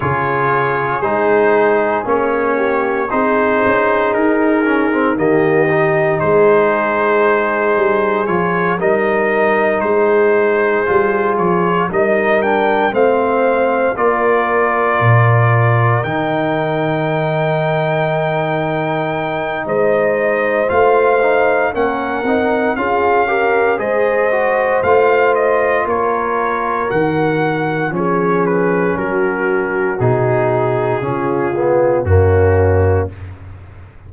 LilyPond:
<<
  \new Staff \with { instrumentName = "trumpet" } { \time 4/4 \tempo 4 = 58 cis''4 c''4 cis''4 c''4 | ais'4 dis''4 c''2 | cis''8 dis''4 c''4. cis''8 dis''8 | g''8 f''4 d''2 g''8~ |
g''2. dis''4 | f''4 fis''4 f''4 dis''4 | f''8 dis''8 cis''4 fis''4 cis''8 b'8 | ais'4 gis'2 fis'4 | }
  \new Staff \with { instrumentName = "horn" } { \time 4/4 gis'2~ gis'8 g'8 gis'4~ | gis'4 g'4 gis'2~ | gis'8 ais'4 gis'2 ais'8~ | ais'8 c''4 ais'2~ ais'8~ |
ais'2. c''4~ | c''4 ais'4 gis'8 ais'8 c''4~ | c''4 ais'2 gis'4 | fis'2 f'4 cis'4 | }
  \new Staff \with { instrumentName = "trombone" } { \time 4/4 f'4 dis'4 cis'4 dis'4~ | dis'8 cis'16 c'16 ais8 dis'2~ dis'8 | f'8 dis'2 f'4 dis'8 | d'8 c'4 f'2 dis'8~ |
dis'1 | f'8 dis'8 cis'8 dis'8 f'8 g'8 gis'8 fis'8 | f'2 fis'4 cis'4~ | cis'4 dis'4 cis'8 b8 ais4 | }
  \new Staff \with { instrumentName = "tuba" } { \time 4/4 cis4 gis4 ais4 c'8 cis'8 | dis'4 dis4 gis4. g8 | f8 g4 gis4 g8 f8 g8~ | g8 a4 ais4 ais,4 dis8~ |
dis2. gis4 | a4 ais8 c'8 cis'4 gis4 | a4 ais4 dis4 f4 | fis4 b,4 cis4 fis,4 | }
>>